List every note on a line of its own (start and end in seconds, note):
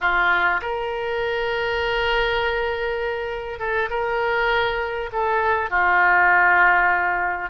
0.00 0.60 F4
0.61 3.59 A#4
3.59 3.89 A4
3.90 5.10 A#4
5.12 5.70 A4
5.70 7.50 F4